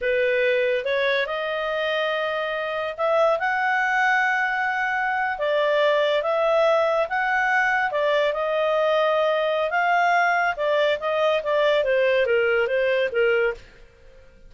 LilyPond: \new Staff \with { instrumentName = "clarinet" } { \time 4/4 \tempo 4 = 142 b'2 cis''4 dis''4~ | dis''2. e''4 | fis''1~ | fis''8. d''2 e''4~ e''16~ |
e''8. fis''2 d''4 dis''16~ | dis''2. f''4~ | f''4 d''4 dis''4 d''4 | c''4 ais'4 c''4 ais'4 | }